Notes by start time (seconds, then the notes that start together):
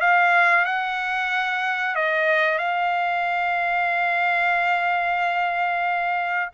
0.00 F5
0.65 F#5
1.95 D#5
2.58 F5